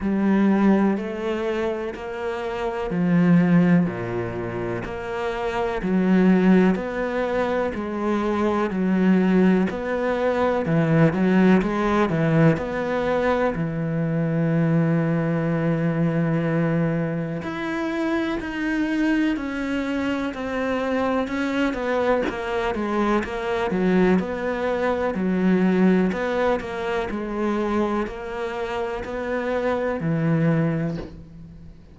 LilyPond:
\new Staff \with { instrumentName = "cello" } { \time 4/4 \tempo 4 = 62 g4 a4 ais4 f4 | ais,4 ais4 fis4 b4 | gis4 fis4 b4 e8 fis8 | gis8 e8 b4 e2~ |
e2 e'4 dis'4 | cis'4 c'4 cis'8 b8 ais8 gis8 | ais8 fis8 b4 fis4 b8 ais8 | gis4 ais4 b4 e4 | }